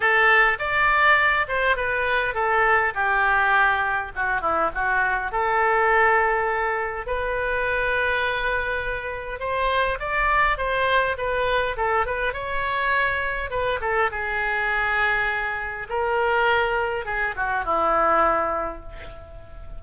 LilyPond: \new Staff \with { instrumentName = "oboe" } { \time 4/4 \tempo 4 = 102 a'4 d''4. c''8 b'4 | a'4 g'2 fis'8 e'8 | fis'4 a'2. | b'1 |
c''4 d''4 c''4 b'4 | a'8 b'8 cis''2 b'8 a'8 | gis'2. ais'4~ | ais'4 gis'8 fis'8 e'2 | }